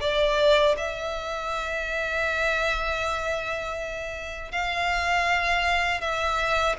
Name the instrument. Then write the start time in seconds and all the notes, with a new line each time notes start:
violin
0.00 D5
0.77 E5
4.51 F5
6.00 E5